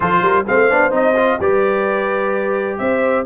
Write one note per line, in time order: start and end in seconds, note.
0.00 0.22 F3
0.00 0.44 F4
0.00 0.22 A4
0.00 0.46 C5
0.22 0.45 G3
0.22 0.45 A#4
0.47 0.71 A3
0.47 0.70 C4
0.47 1.39 C5
0.47 0.93 F5
0.70 0.91 B3
0.70 0.91 D4
0.91 1.38 C4
0.91 1.14 D#4
0.91 1.41 D#5
1.16 1.39 F4
1.39 2.79 G3
1.39 3.25 G4
1.39 2.79 B4
1.39 2.77 D5
2.77 3.25 C4
2.77 3.25 C5
2.77 3.24 E5